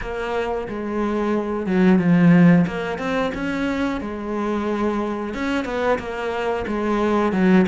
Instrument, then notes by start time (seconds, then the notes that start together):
cello
0.01 A#3
0.68 G#3
1.66 F#3
1.98 F3
2.67 A#3
2.98 C4
3.34 C#4
4.01 G#3
5.34 C#4
5.65 B3
5.98 A#3
6.67 G#3
7.32 F#3